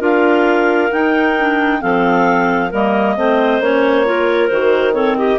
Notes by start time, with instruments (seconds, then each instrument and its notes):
0.00 bassoon D4, clarinet F4 A#4 F5
0.91 clarinet D#4 G5, bassoon D#4
1.40 clarinet D4
1.81 bassoon F3, clarinet C4 A4 F5
2.70 bassoon G3, clarinet A#3 A#4 D#5
3.18 bassoon A3, clarinet C4 C5
3.61 bassoon A#3, clarinet C#4 C#5
4.06 clarinet F4 A#4
4.48 bassoon D#3, clarinet F#4 C5
4.94 clarinet C4 A4 C#5
5.17 clarinet G4 D#5